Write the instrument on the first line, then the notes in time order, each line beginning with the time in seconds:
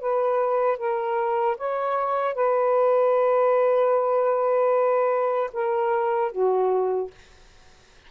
saxophone
0.00 B4
0.78 A#4
1.57 C#5
2.34 B4
5.53 A#4
6.32 F#4